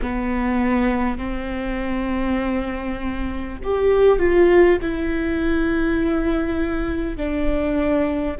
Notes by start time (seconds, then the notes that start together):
0.02 B3
1.18 C4
3.63 G4
4.18 F4
4.81 E4
7.17 D4